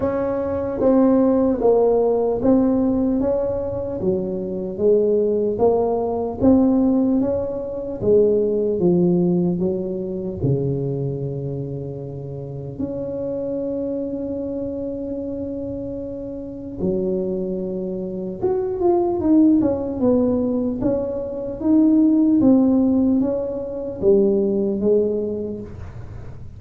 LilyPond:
\new Staff \with { instrumentName = "tuba" } { \time 4/4 \tempo 4 = 75 cis'4 c'4 ais4 c'4 | cis'4 fis4 gis4 ais4 | c'4 cis'4 gis4 f4 | fis4 cis2. |
cis'1~ | cis'4 fis2 fis'8 f'8 | dis'8 cis'8 b4 cis'4 dis'4 | c'4 cis'4 g4 gis4 | }